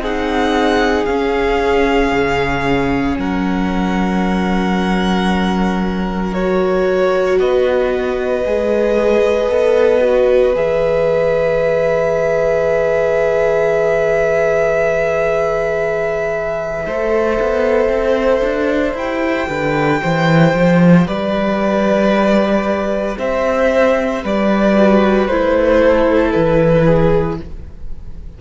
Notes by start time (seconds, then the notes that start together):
0.00 C4 D#4 G#4 F#5
1.06 C#4 F5
2.12 C#3
3.19 F#3 A#4 F#5
6.33 F#4 C#5
7.40 B3 B4 D#5
8.46 G#3 G#4
9.50 B3 A4
10.02 F#4
10.55 E3 G#4 E5
16.86 A3 A4 C5
17.42 B3
17.90 C4
18.44 D4
18.94 E4 G4 G5
19.49 D3 B4
20.02 E3 C5
20.54 F3
21.07 G3 B4 D5
23.19 C4 C5 E5
24.23 G3 B4 D5
24.76 F#4
25.27 A3 E4 C5
25.82 A4
26.32 E3 B4
26.86 G#4